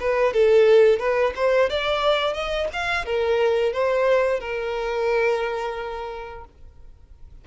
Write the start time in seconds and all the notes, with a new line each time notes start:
0.00 B4
0.33 A4
0.99 B4
1.35 C5
1.70 D5
2.33 D#5
2.72 F5
3.05 A#4
3.72 C5
4.40 A#4